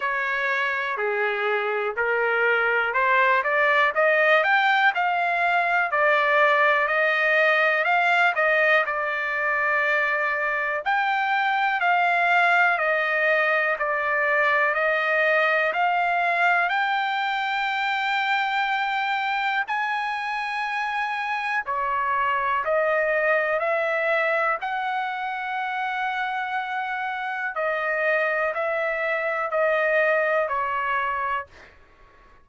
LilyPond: \new Staff \with { instrumentName = "trumpet" } { \time 4/4 \tempo 4 = 61 cis''4 gis'4 ais'4 c''8 d''8 | dis''8 g''8 f''4 d''4 dis''4 | f''8 dis''8 d''2 g''4 | f''4 dis''4 d''4 dis''4 |
f''4 g''2. | gis''2 cis''4 dis''4 | e''4 fis''2. | dis''4 e''4 dis''4 cis''4 | }